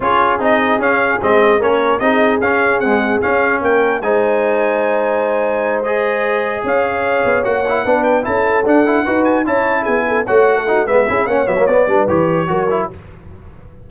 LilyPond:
<<
  \new Staff \with { instrumentName = "trumpet" } { \time 4/4 \tempo 4 = 149 cis''4 dis''4 f''4 dis''4 | cis''4 dis''4 f''4 fis''4 | f''4 g''4 gis''2~ | gis''2~ gis''8 dis''4.~ |
dis''8 f''2 fis''4. | g''8 a''4 fis''4. gis''8 a''8~ | a''8 gis''4 fis''4. e''4 | fis''8 e''8 d''4 cis''2 | }
  \new Staff \with { instrumentName = "horn" } { \time 4/4 gis'1 | ais'4 gis'2.~ | gis'4 ais'4 c''2~ | c''1~ |
c''8 cis''2. b'8~ | b'8 a'2 b'4 cis''8~ | cis''8 gis'8 a'8 cis''8. a'16 fis'8 b'8 gis'8 | cis''4. b'4. ais'4 | }
  \new Staff \with { instrumentName = "trombone" } { \time 4/4 f'4 dis'4 cis'4 c'4 | cis'4 dis'4 cis'4 gis4 | cis'2 dis'2~ | dis'2~ dis'8 gis'4.~ |
gis'2~ gis'8 fis'8 e'8 d'8~ | d'8 e'4 d'8 e'8 fis'4 e'8~ | e'4. fis'4 dis'8 b8 e'8 | cis'8 b16 ais16 b8 d'8 g'4 fis'8 e'8 | }
  \new Staff \with { instrumentName = "tuba" } { \time 4/4 cis'4 c'4 cis'4 gis4 | ais4 c'4 cis'4 c'4 | cis'4 ais4 gis2~ | gis1~ |
gis8 cis'4. b8 ais4 b8~ | b8 cis'4 d'4 dis'4 cis'8~ | cis'8 b4 a4. gis8 cis'8 | ais8 fis8 b8 g8 e4 fis4 | }
>>